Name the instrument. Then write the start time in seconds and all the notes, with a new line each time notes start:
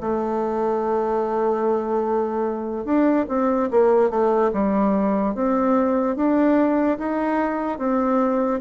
bassoon
0.00 A3
2.84 D4
3.28 C4
3.71 A#3
4.10 A3
4.52 G3
5.34 C4
6.16 D4
6.98 D#4
7.78 C4